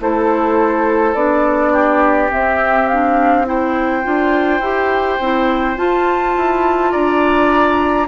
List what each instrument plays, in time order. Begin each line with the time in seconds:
0.00 bassoon A3, clarinet E4, oboe A4, flute C5
1.14 bassoon B3, clarinet D4, flute D5
1.73 oboe G4
2.29 clarinet C4, bassoon C4, flute E5
2.88 clarinet D4, flute F5
3.45 clarinet E4, oboe C5, flute G5
4.03 bassoon D4, clarinet F4
4.60 bassoon E4, clarinet G4
5.20 bassoon C4, clarinet E4
5.77 clarinet F4, bassoon F4, flute A5
6.36 bassoon E4
6.91 bassoon D4, oboe D5, flute A#5